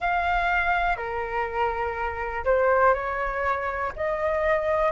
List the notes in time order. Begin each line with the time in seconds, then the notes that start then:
0.00 F5
0.96 A#4
2.44 C5
2.94 C#5
3.96 D#5